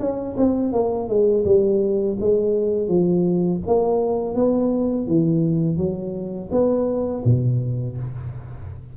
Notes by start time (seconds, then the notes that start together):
0.00 C#4
0.37 C4
0.73 A#3
1.09 G#3
1.45 G3
2.21 G#3
2.88 F3
3.67 A#3
4.35 B3
5.08 E3
5.78 F#3
6.52 B3
7.26 B2